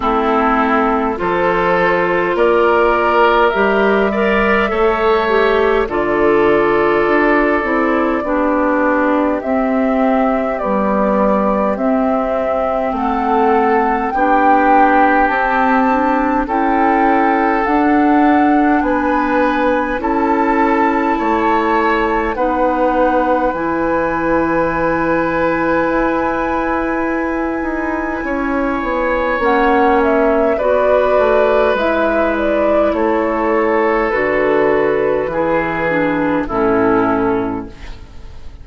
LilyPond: <<
  \new Staff \with { instrumentName = "flute" } { \time 4/4 \tempo 4 = 51 a'4 c''4 d''4 e''4~ | e''4 d''2. | e''4 d''4 e''4 fis''4 | g''4 a''4 g''4 fis''4 |
gis''4 a''2 fis''4 | gis''1~ | gis''4 fis''8 e''8 d''4 e''8 d''8 | cis''4 b'2 a'4 | }
  \new Staff \with { instrumentName = "oboe" } { \time 4/4 e'4 a'4 ais'4. d''8 | cis''4 a'2 g'4~ | g'2. a'4 | g'2 a'2 |
b'4 a'4 cis''4 b'4~ | b'1 | cis''2 b'2 | a'2 gis'4 e'4 | }
  \new Staff \with { instrumentName = "clarinet" } { \time 4/4 c'4 f'2 g'8 ais'8 | a'8 g'8 f'4. e'8 d'4 | c'4 g4 c'2 | d'4 c'8 d'8 e'4 d'4~ |
d'4 e'2 dis'4 | e'1~ | e'4 cis'4 fis'4 e'4~ | e'4 fis'4 e'8 d'8 cis'4 | }
  \new Staff \with { instrumentName = "bassoon" } { \time 4/4 a4 f4 ais4 g4 | a4 d4 d'8 c'8 b4 | c'4 b4 c'4 a4 | b4 c'4 cis'4 d'4 |
b4 cis'4 a4 b4 | e2 e'4. dis'8 | cis'8 b8 ais4 b8 a8 gis4 | a4 d4 e4 a,4 | }
>>